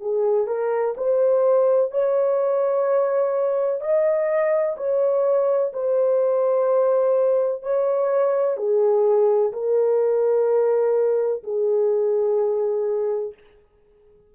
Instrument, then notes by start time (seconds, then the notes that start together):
horn
0.00 G#4
0.47 A#4
0.97 C5
1.91 C#5
3.81 D#5
4.77 C#5
5.73 C5
7.62 C#5
8.57 G#4
9.52 A#4
11.43 G#4